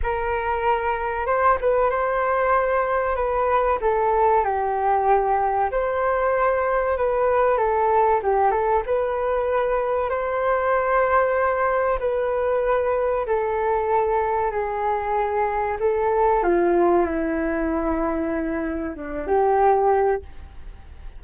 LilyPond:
\new Staff \with { instrumentName = "flute" } { \time 4/4 \tempo 4 = 95 ais'2 c''8 b'8 c''4~ | c''4 b'4 a'4 g'4~ | g'4 c''2 b'4 | a'4 g'8 a'8 b'2 |
c''2. b'4~ | b'4 a'2 gis'4~ | gis'4 a'4 f'4 e'4~ | e'2 d'8 g'4. | }